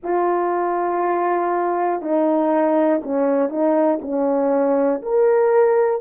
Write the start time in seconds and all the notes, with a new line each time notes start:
0.03 F4
2.01 D#4
3.03 C#4
3.49 D#4
4.01 C#4
5.02 A#4